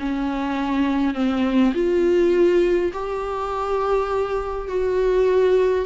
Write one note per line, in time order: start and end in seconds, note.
0.00 1.14 C#4
1.14 1.73 C4
1.75 2.93 F4
2.93 4.69 G4
4.69 5.86 F#4